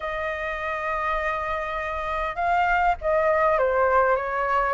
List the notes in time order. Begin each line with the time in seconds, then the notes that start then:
0.00 D#5
2.35 F5
3.01 D#5
3.58 C5
4.16 C#5